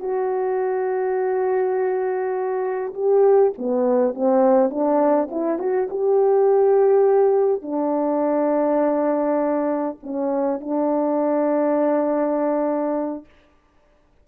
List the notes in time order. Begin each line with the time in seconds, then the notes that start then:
0.00 F#4
2.94 G4
3.59 B3
4.15 C4
4.70 D4
5.31 E4
5.59 F#4
5.91 G4
7.62 D4
10.03 C#4
10.61 D4